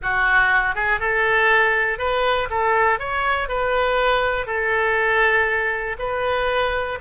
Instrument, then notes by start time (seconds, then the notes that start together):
oboe
0.02 F#4
0.75 G#4
1.00 A4
1.98 B4
2.50 A4
2.99 C#5
3.48 B4
4.46 A4
5.98 B4